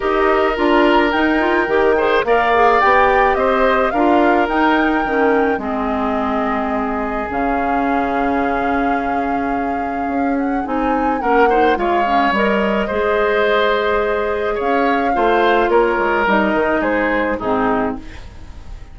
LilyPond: <<
  \new Staff \with { instrumentName = "flute" } { \time 4/4 \tempo 4 = 107 dis''4 ais''4 g''2 | f''4 g''4 dis''4 f''4 | g''2 dis''2~ | dis''4 f''2.~ |
f''2~ f''8 fis''8 gis''4 | fis''4 f''4 dis''2~ | dis''2 f''2 | cis''4 dis''4 c''4 gis'4 | }
  \new Staff \with { instrumentName = "oboe" } { \time 4/4 ais'2.~ ais'8 c''8 | d''2 c''4 ais'4~ | ais'2 gis'2~ | gis'1~ |
gis'1 | ais'8 c''8 cis''2 c''4~ | c''2 cis''4 c''4 | ais'2 gis'4 dis'4 | }
  \new Staff \with { instrumentName = "clarinet" } { \time 4/4 g'4 f'4 dis'8 f'8 g'8 gis'8 | ais'8 gis'8 g'2 f'4 | dis'4 cis'4 c'2~ | c'4 cis'2.~ |
cis'2. dis'4 | cis'8 dis'8 f'8 cis'8 ais'4 gis'4~ | gis'2. f'4~ | f'4 dis'2 c'4 | }
  \new Staff \with { instrumentName = "bassoon" } { \time 4/4 dis'4 d'4 dis'4 dis4 | ais4 b4 c'4 d'4 | dis'4 dis4 gis2~ | gis4 cis2.~ |
cis2 cis'4 c'4 | ais4 gis4 g4 gis4~ | gis2 cis'4 a4 | ais8 gis8 g8 dis8 gis4 gis,4 | }
>>